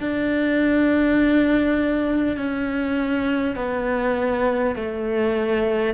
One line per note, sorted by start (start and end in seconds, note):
0.00 2.37 D4
2.37 3.56 C#4
3.56 4.76 B3
4.76 5.94 A3